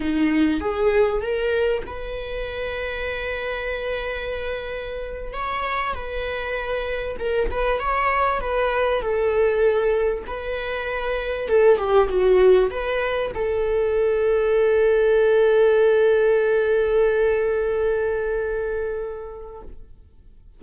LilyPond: \new Staff \with { instrumentName = "viola" } { \time 4/4 \tempo 4 = 98 dis'4 gis'4 ais'4 b'4~ | b'1~ | b'8. cis''4 b'2 ais'16~ | ais'16 b'8 cis''4 b'4 a'4~ a'16~ |
a'8. b'2 a'8 g'8 fis'16~ | fis'8. b'4 a'2~ a'16~ | a'1~ | a'1 | }